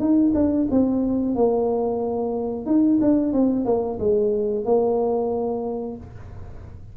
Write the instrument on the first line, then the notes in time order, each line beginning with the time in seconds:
tuba
0.00 D#4
0.35 D4
0.71 C4
1.35 A#3
2.66 D#4
3.01 D4
3.33 C4
3.66 A#3
4.00 G#3
4.65 A#3